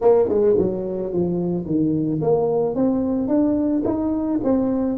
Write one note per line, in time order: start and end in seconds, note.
0.01 0.28 A#3
0.28 0.56 G#3
0.58 1.12 F#3
1.12 1.65 F3
1.65 2.20 D#3
2.21 2.75 A#3
2.75 3.28 C4
3.28 3.83 D4
3.84 4.39 D#4
4.43 4.97 C4